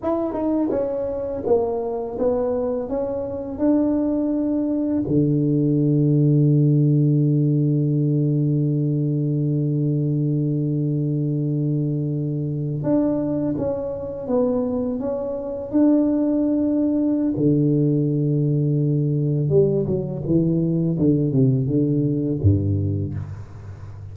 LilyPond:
\new Staff \with { instrumentName = "tuba" } { \time 4/4 \tempo 4 = 83 e'8 dis'8 cis'4 ais4 b4 | cis'4 d'2 d4~ | d1~ | d1~ |
d4.~ d16 d'4 cis'4 b16~ | b8. cis'4 d'2~ d'16 | d2. g8 fis8 | e4 d8 c8 d4 g,4 | }